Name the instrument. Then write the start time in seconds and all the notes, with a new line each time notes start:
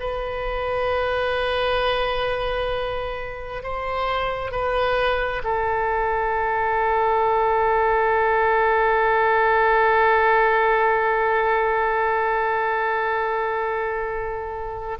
oboe
0.00 B4
3.63 C5
4.51 B4
5.44 A4